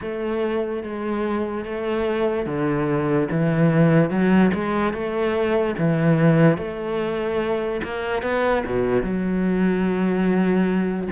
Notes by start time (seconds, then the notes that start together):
0.01 A3
0.83 G#3
1.64 A3
2.46 D3
3.31 E3
4.09 F#3
4.54 G#3
4.93 A3
5.78 E3
6.58 A3
7.83 A#3
8.22 B3
8.65 B2
9.02 F#3